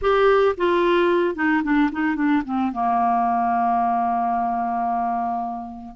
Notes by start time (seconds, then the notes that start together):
0.01 G4
0.57 F4
1.35 D#4
1.63 D4
1.92 D#4
2.15 D4
2.45 C4
2.72 A#3